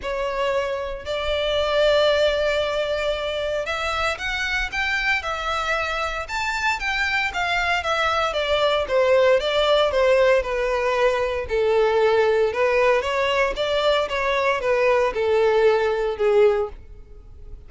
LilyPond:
\new Staff \with { instrumentName = "violin" } { \time 4/4 \tempo 4 = 115 cis''2 d''2~ | d''2. e''4 | fis''4 g''4 e''2 | a''4 g''4 f''4 e''4 |
d''4 c''4 d''4 c''4 | b'2 a'2 | b'4 cis''4 d''4 cis''4 | b'4 a'2 gis'4 | }